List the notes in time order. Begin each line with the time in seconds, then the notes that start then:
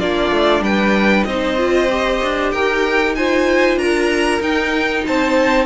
0.00 A#3 D4 F4 D5
0.31 A3
0.61 G3 B4 G5
1.24 C4 D#4 C5 D#5
1.58 F4
1.90 G4
2.23 D4
2.52 D#4 A#4 G5
3.15 F4 C5 G#5
3.77 D4 A#4 A#5
4.41 D#4 G5
5.07 C4 C5 A5